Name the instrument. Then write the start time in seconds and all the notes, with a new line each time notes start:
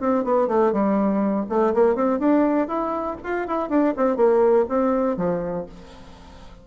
bassoon
0.00 C4
0.24 B3
0.48 A3
0.72 G3
1.49 A3
1.74 A#3
1.95 C4
2.19 D4
2.68 E4
3.23 F4
3.47 E4
3.69 D4
3.97 C4
4.16 A#3
4.69 C4
5.17 F3